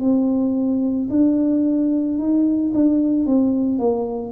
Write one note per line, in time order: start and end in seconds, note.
0.00 1.09 C4
1.10 2.18 D4
2.18 2.73 D#4
2.74 3.26 D4
3.26 3.79 C4
3.79 4.32 A#3